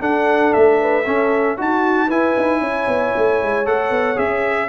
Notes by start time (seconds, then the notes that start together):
0.00 D4 A4 F#5
0.53 A3 E5
0.81 B4
1.06 C#4 A4
1.57 D#4 F#4 A5
2.08 E4 B4 G#5
2.37 D#4
2.61 C#4 C#5
2.88 B3
3.17 A3
3.43 G#3
3.65 A3 A4 F#5
3.91 B3
4.16 C#4 G#4 E5